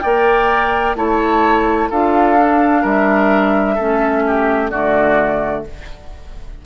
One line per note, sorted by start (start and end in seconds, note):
0.00 0.95 A#3
0.00 0.96 A#4
0.00 0.96 D5
0.00 0.94 G5
0.95 1.89 A3
0.95 1.90 E4
0.95 1.89 C#5
0.95 1.90 A5
1.89 2.83 D4
1.89 2.37 F4
1.89 2.81 A4
1.89 2.84 F5
2.37 3.78 D4
2.81 3.77 G3
2.81 3.75 A#4
2.81 4.70 E5
3.75 4.71 A3
3.75 4.71 C#4
3.75 4.21 A4
4.26 4.70 G4
4.70 5.65 D3
4.70 5.65 A3
4.70 5.64 F#4
4.70 5.63 D5